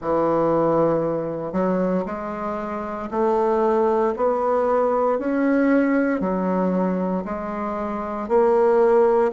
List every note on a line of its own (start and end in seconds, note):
0.01 1.52 E3
1.52 2.04 F#3
2.05 3.09 G#3
3.10 4.14 A3
4.16 5.18 B3
5.18 6.20 C#4
6.20 7.24 F#3
7.24 8.28 G#3
8.28 9.31 A#3